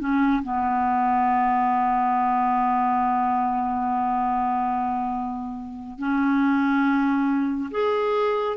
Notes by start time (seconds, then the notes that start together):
0.00 C#4
0.43 B3
5.99 C#4
7.71 G#4